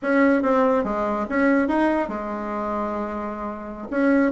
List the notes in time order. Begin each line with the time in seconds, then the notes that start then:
0.02 C#4
0.42 C4
0.84 G#3
1.29 C#4
1.67 D#4
2.08 G#3
3.90 C#4